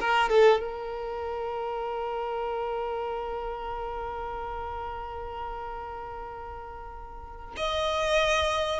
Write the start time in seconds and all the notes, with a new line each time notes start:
0.00 A#4
0.29 A4
0.60 A#4
7.56 D#5